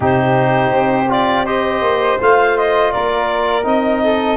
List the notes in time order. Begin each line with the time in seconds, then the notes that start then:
0.00 C3 D#4 G4 C5
0.71 C4
1.09 F4 D5
1.45 G4 C5 D#5
1.81 A#3
2.19 A3 F4 F5
2.57 D#5
2.91 A#3 A#4 D5
3.63 C4 D#4 D#5
4.03 A4